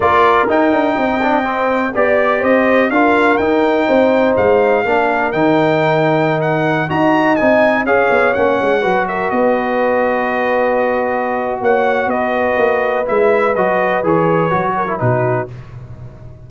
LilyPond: <<
  \new Staff \with { instrumentName = "trumpet" } { \time 4/4 \tempo 4 = 124 d''4 g''2. | d''4 dis''4 f''4 g''4~ | g''4 f''2 g''4~ | g''4~ g''16 fis''4 ais''4 gis''8.~ |
gis''16 f''4 fis''4. e''8 dis''8.~ | dis''1 | fis''4 dis''2 e''4 | dis''4 cis''2 b'4 | }
  \new Staff \with { instrumentName = "horn" } { \time 4/4 ais'2 dis''2 | d''4 c''4 ais'2 | c''2 ais'2~ | ais'2~ ais'16 dis''4.~ dis''16~ |
dis''16 cis''2 b'8 ais'8 b'8.~ | b'1 | cis''4 b'2.~ | b'2~ b'8 ais'8 fis'4 | }
  \new Staff \with { instrumentName = "trombone" } { \time 4/4 f'4 dis'4. d'8 c'4 | g'2 f'4 dis'4~ | dis'2 d'4 dis'4~ | dis'2~ dis'16 fis'4 dis'8.~ |
dis'16 gis'4 cis'4 fis'4.~ fis'16~ | fis'1~ | fis'2. e'4 | fis'4 gis'4 fis'8. e'16 dis'4 | }
  \new Staff \with { instrumentName = "tuba" } { \time 4/4 ais4 dis'8 d'8 c'2 | b4 c'4 d'4 dis'4 | c'4 gis4 ais4 dis4~ | dis2~ dis16 dis'4 c'8.~ |
c'16 cis'8 b8 ais8 gis8 fis4 b8.~ | b1 | ais4 b4 ais4 gis4 | fis4 e4 fis4 b,4 | }
>>